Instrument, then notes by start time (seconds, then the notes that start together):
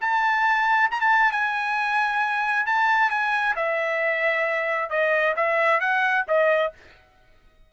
trumpet
0.00 A5
0.91 A#5
1.00 A5
1.31 G#5
2.66 A5
3.10 G#5
3.55 E5
4.89 D#5
5.36 E5
5.80 F#5
6.27 D#5